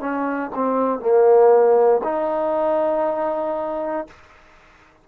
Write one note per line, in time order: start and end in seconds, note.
0.00 0.51 C#4
0.55 1.00 C4
1.00 2.02 A#3
2.04 4.07 D#4